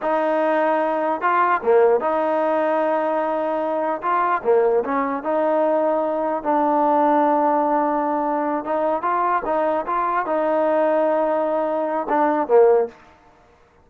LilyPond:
\new Staff \with { instrumentName = "trombone" } { \time 4/4 \tempo 4 = 149 dis'2. f'4 | ais4 dis'2.~ | dis'2 f'4 ais4 | cis'4 dis'2. |
d'1~ | d'4. dis'4 f'4 dis'8~ | dis'8 f'4 dis'2~ dis'8~ | dis'2 d'4 ais4 | }